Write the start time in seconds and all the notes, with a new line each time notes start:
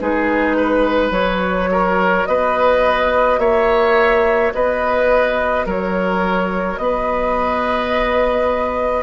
0.00 G#3 D#4 G#4 B4
0.57 B4
1.11 F#3 F#4 C#5
1.72 A#4
2.26 B3 B4 D#5
3.38 A#3 C#5 E5
4.54 B3 B4 D#5
5.66 F#3 A#4 C#5
6.78 B3 B4 D#5